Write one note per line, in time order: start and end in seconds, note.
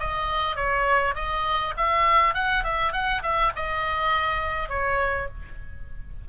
0.00 0.56 D#5
0.56 1.15 C#5
1.15 1.74 D#5
1.77 2.34 E5
2.34 2.64 F#5
2.64 2.93 E5
2.93 3.22 F#5
3.23 3.52 E5
3.56 4.69 D#5
4.69 5.28 C#5